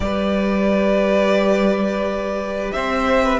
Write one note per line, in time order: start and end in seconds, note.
0.00 2.71 G3
0.00 3.40 G4
0.00 2.74 B4
0.00 2.71 D5
2.71 3.40 C4
2.71 3.23 C5
2.71 3.40 E5
3.23 3.40 B4